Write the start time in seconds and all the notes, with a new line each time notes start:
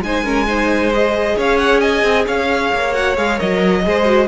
0.00 G#3 D#4 C5 G#5
0.24 C#4 A#4
0.46 D#4 C5
0.92 G#4 D#5
1.37 C#4 C#5 F5
1.57 F#5
1.80 D#5 G#5
2.03 C4
2.26 C#4 C#5 F5
2.73 A#3
2.93 F#4 F#5
3.16 G#3 G#4 F5
3.37 F#3 A#4 D#5
3.83 G#3 G#4 C5
4.05 F#4